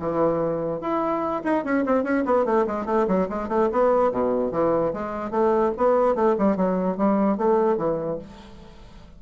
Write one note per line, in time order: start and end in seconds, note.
0.00 0.81 E3
0.81 1.43 E4
1.44 1.65 D#4
1.65 1.85 C#4
1.86 2.04 C4
2.04 2.25 C#4
2.26 2.45 B3
2.45 2.66 A3
2.67 2.86 G#3
2.86 3.07 A3
3.08 3.29 F#3
3.30 3.49 G#3
3.49 3.69 A3
3.72 4.12 B3
4.12 4.52 B2
4.52 4.93 E3
4.94 5.31 G#3
5.31 5.72 A3
5.78 6.16 B3
6.16 6.36 A3
6.39 6.57 G3
6.57 6.98 F#3
6.98 7.38 G3
7.38 7.78 A3
7.78 8.19 E3